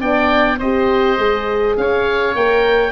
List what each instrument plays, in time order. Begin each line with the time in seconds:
0.00 tuba B3, horn D4, oboe D5 G5
0.58 tuba C4, horn G4, oboe C5 D#5
1.18 tuba G#3, horn G#4
1.77 tuba C#4, oboe C#5 F5
2.35 tuba A#3, horn A#4, oboe G5